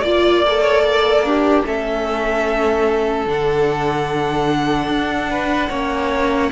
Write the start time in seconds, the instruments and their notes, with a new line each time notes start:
0.00 cello A#3, viola F4, violin D5
0.47 viola A4
0.62 violin C#5
0.81 violin D5
1.24 violin D4, viola G4
1.65 cello A3, viola C#4, violin A4 E5
3.26 cello D3, viola D4, violin F#5
4.89 cello D4
5.31 violin B4
5.70 cello A#3, viola C#4, violin C#5